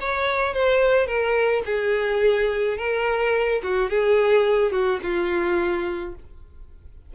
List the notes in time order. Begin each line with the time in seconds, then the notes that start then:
0.00 C#5
0.54 C5
1.06 A#4
1.65 G#4
2.77 A#4
3.63 F#4
3.89 G#4
4.72 F#4
5.02 F4